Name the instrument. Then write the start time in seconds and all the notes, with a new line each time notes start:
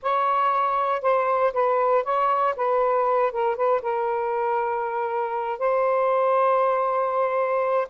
saxophone
0.02 C#5
1.01 C5
1.53 B4
2.04 C#5
2.56 B4
3.32 A#4
3.55 B4
3.82 A#4
5.58 C5